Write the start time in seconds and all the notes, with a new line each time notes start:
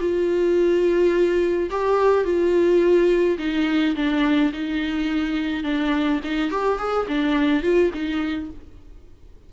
0.00 F4
1.70 G4
2.24 F4
3.38 D#4
3.95 D4
4.53 D#4
5.63 D4
6.24 D#4
6.51 G4
6.78 G#4
7.08 D4
7.63 F4
7.93 D#4